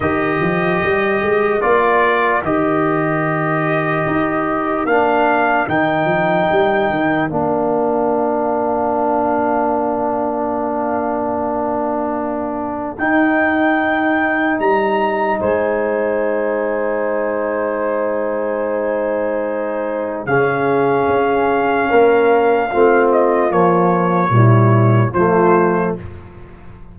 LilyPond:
<<
  \new Staff \with { instrumentName = "trumpet" } { \time 4/4 \tempo 4 = 74 dis''2 d''4 dis''4~ | dis''2 f''4 g''4~ | g''4 f''2.~ | f''1 |
g''2 ais''4 gis''4~ | gis''1~ | gis''4 f''2.~ | f''8 dis''8 cis''2 c''4 | }
  \new Staff \with { instrumentName = "horn" } { \time 4/4 ais'1~ | ais'1~ | ais'1~ | ais'1~ |
ais'2. c''4~ | c''1~ | c''4 gis'2 ais'4 | f'2 e'4 f'4 | }
  \new Staff \with { instrumentName = "trombone" } { \time 4/4 g'2 f'4 g'4~ | g'2 d'4 dis'4~ | dis'4 d'2.~ | d'1 |
dis'1~ | dis'1~ | dis'4 cis'2. | c'4 f4 g4 a4 | }
  \new Staff \with { instrumentName = "tuba" } { \time 4/4 dis8 f8 g8 gis8 ais4 dis4~ | dis4 dis'4 ais4 dis8 f8 | g8 dis8 ais2.~ | ais1 |
dis'2 g4 gis4~ | gis1~ | gis4 cis4 cis'4 ais4 | a4 ais4 ais,4 f4 | }
>>